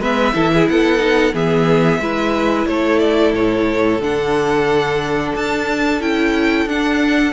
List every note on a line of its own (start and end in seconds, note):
0.00 0.33 G#3
0.00 0.34 B3
0.00 0.34 B4
0.00 0.69 E5
0.34 0.68 E3
0.34 0.99 E4
0.34 0.52 A4
0.53 0.70 G#4
0.69 1.34 B3
0.69 1.34 A4
0.69 1.35 F#5
0.99 1.32 D#4
1.34 2.00 E3
1.34 2.01 B3
1.34 2.01 G#4
1.34 2.67 E5
2.00 2.66 G#3
2.00 4.02 E4
2.00 2.69 B4
2.67 3.33 A3
2.67 7.33 A4
2.67 2.99 C#5
2.99 3.33 D5
3.33 4.00 A2
3.33 4.02 C#5
4.00 5.34 D3
4.00 6.01 D4
4.00 5.36 F#5
5.35 6.01 D4
5.35 6.02 A5
6.01 6.66 C#4
6.01 6.68 E4
6.01 6.69 G5
6.66 7.33 D4
6.66 7.33 F#5